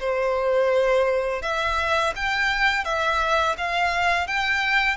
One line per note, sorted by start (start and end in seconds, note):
0.00 1.43 C5
1.43 2.14 E5
2.16 2.85 G5
2.85 3.56 E5
3.58 4.28 F5
4.28 4.97 G5